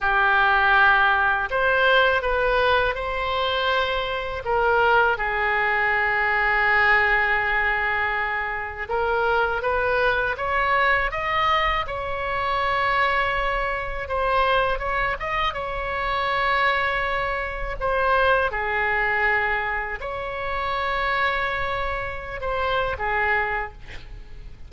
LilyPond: \new Staff \with { instrumentName = "oboe" } { \time 4/4 \tempo 4 = 81 g'2 c''4 b'4 | c''2 ais'4 gis'4~ | gis'1 | ais'4 b'4 cis''4 dis''4 |
cis''2. c''4 | cis''8 dis''8 cis''2. | c''4 gis'2 cis''4~ | cis''2~ cis''16 c''8. gis'4 | }